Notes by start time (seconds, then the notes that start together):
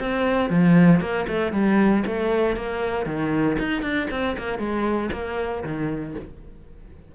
0.00 C4
0.50 F3
1.00 A#3
1.28 A3
1.52 G3
2.07 A3
2.56 A#3
3.06 D#3
3.59 D#4
3.82 D4
4.11 C4
4.38 A#3
4.59 G#3
5.12 A#3
5.64 D#3